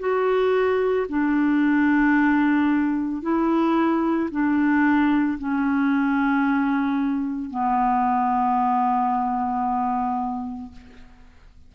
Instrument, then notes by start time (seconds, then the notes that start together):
clarinet
0.00 F#4
1.09 D4
3.22 E4
4.31 D4
5.39 C#4
7.51 B3